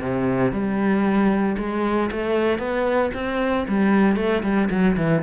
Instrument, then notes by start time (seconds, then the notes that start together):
cello
0.00 C3
0.51 G3
1.57 G#3
2.11 A3
2.58 B3
3.14 C4
3.68 G3
4.16 A3
4.43 G3
4.70 F#3
4.96 E3